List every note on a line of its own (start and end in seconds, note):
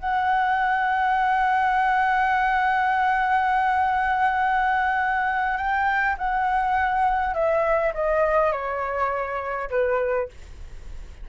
0.00 5.57 F#5
5.57 6.16 G5
6.18 7.34 F#5
7.34 7.93 E5
7.95 8.52 D#5
8.52 9.70 C#5
9.71 10.29 B4